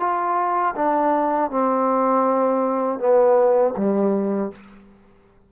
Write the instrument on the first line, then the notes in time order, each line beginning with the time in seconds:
trombone
0.00 F4
0.76 D4
1.51 C4
3.00 B3
3.77 G3